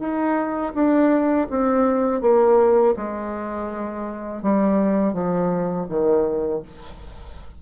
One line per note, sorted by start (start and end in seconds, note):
0.00 0.73 D#4
0.75 1.48 D4
1.50 2.22 C4
2.22 2.95 A#3
2.97 4.43 G#3
4.43 5.14 G3
5.14 5.87 F3
5.89 6.63 D#3